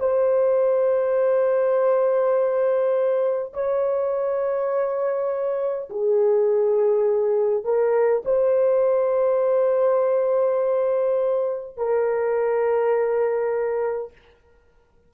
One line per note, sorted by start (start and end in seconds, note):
0.00 3.53 C5
3.53 5.89 C#5
5.90 7.65 G#4
7.65 8.24 A#4
8.25 11.77 C5
11.77 14.12 A#4